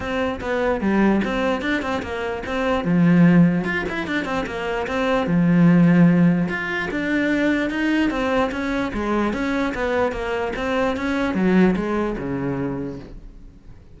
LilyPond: \new Staff \with { instrumentName = "cello" } { \time 4/4 \tempo 4 = 148 c'4 b4 g4 c'4 | d'8 c'8 ais4 c'4 f4~ | f4 f'8 e'8 d'8 c'8 ais4 | c'4 f2. |
f'4 d'2 dis'4 | c'4 cis'4 gis4 cis'4 | b4 ais4 c'4 cis'4 | fis4 gis4 cis2 | }